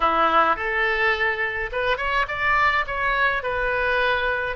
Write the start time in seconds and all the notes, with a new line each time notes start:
0.00 E4
0.56 A4
1.72 B4
1.97 C#5
2.28 D5
2.86 C#5
3.42 B4